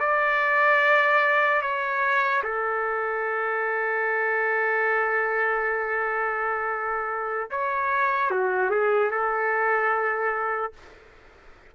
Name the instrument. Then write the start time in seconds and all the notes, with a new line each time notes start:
trumpet
0.00 D5
1.62 C#5
2.44 A4
7.51 C#5
8.31 F#4
8.71 G#4
9.11 A4